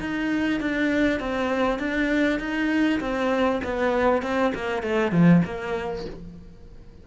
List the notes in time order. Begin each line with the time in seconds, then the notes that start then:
0.00 D#4
0.60 D4
1.20 C4
1.79 D4
2.39 D#4
3.00 C4
3.64 B3
4.22 C4
4.55 A#3
4.83 A3
5.12 F3
5.45 A#3